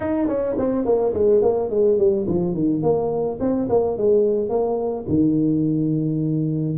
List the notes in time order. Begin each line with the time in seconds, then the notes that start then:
0.00 D#4
0.27 C#4
0.58 C4
0.85 A#3
1.13 G#3
1.42 A#3
1.69 G#3
1.98 G3
2.27 F3
2.54 D#3
2.82 A#3
3.40 C4
3.69 A#3
3.97 G#3
4.49 A#3
5.08 D#3